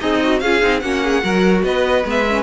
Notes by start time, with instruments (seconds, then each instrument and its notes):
0.00 cello C4, violin D#4 D#5, viola G#4
0.23 viola F#4
0.39 cello C#4, viola F4, violin G#4 F5
0.61 cello C4, viola D#4
0.79 cello A#3, viola C#4, violin F#4 F#5
1.03 violin G#4
1.22 cello F#3, viola F#4, violin A#4
1.63 cello B3, violin B4 D#5
2.05 cello G#3, viola B3, violin E5
2.28 viola C#4